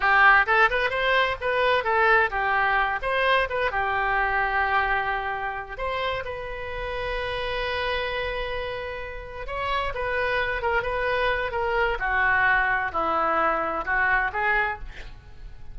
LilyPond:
\new Staff \with { instrumentName = "oboe" } { \time 4/4 \tempo 4 = 130 g'4 a'8 b'8 c''4 b'4 | a'4 g'4. c''4 b'8 | g'1~ | g'8 c''4 b'2~ b'8~ |
b'1~ | b'8 cis''4 b'4. ais'8 b'8~ | b'4 ais'4 fis'2 | e'2 fis'4 gis'4 | }